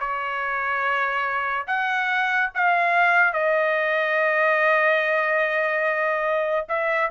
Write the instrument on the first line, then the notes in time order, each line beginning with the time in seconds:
trumpet
0.00 C#5
1.67 F#5
2.55 F5
3.34 D#5
6.69 E5